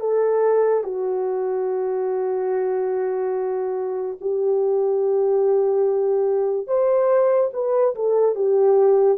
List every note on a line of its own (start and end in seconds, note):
0.00 0.83 A4
0.83 4.17 F#4
4.20 6.67 G4
6.67 7.50 C5
7.53 7.95 B4
7.95 8.35 A4
8.35 9.18 G4